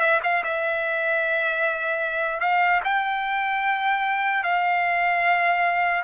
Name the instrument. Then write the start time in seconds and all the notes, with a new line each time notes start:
trumpet
0.00 E5
0.23 F5
0.44 E5
2.40 F5
2.84 G5
4.43 F5